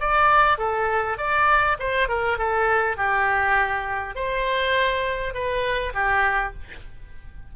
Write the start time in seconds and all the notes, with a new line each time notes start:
0.00 D5
0.58 A4
1.18 D5
1.79 C5
2.09 A#4
2.38 A4
2.97 G4
4.16 C5
5.34 B4
5.94 G4